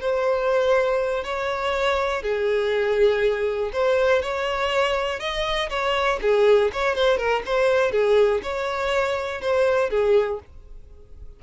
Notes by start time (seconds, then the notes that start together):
0.00 C5
1.24 C#5
2.22 G#4
3.73 C5
4.21 C#5
5.19 D#5
5.69 C#5
6.21 G#4
6.73 C#5
6.95 C5
7.17 A#4
7.45 C5
7.92 G#4
8.43 C#5
9.41 C5
9.90 G#4